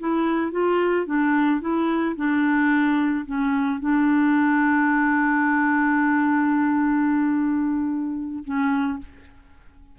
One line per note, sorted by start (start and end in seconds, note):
0.00 0.52 E4
0.52 1.06 F4
1.07 1.61 D4
1.61 2.16 E4
2.16 3.26 D4
3.26 3.80 C#4
3.80 8.44 D4
8.45 8.99 C#4